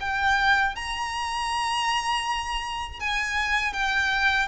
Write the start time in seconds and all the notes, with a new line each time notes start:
0.00 G5
0.75 A#5
2.99 G#5
3.73 G5